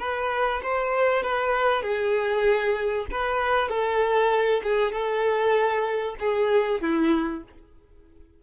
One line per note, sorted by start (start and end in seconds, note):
0.00 0.62 B4
0.64 1.23 C5
1.23 1.83 B4
1.83 3.06 G#4
3.12 3.69 B4
3.69 4.62 A4
4.64 4.93 G#4
4.93 6.16 A4
6.20 6.82 G#4
6.82 7.44 E4